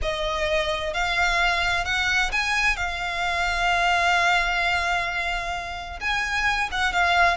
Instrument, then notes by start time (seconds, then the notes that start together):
violin
0.01 D#5
0.93 F5
1.84 F#5
2.32 G#5
2.76 F5
6.00 G#5
6.71 F#5
6.92 F5